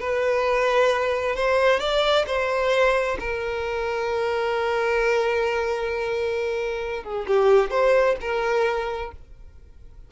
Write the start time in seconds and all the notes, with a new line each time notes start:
0.00 B4
1.36 C5
1.80 D5
2.27 C5
3.20 A#4
7.04 G#4
7.27 G4
7.70 C5
8.21 A#4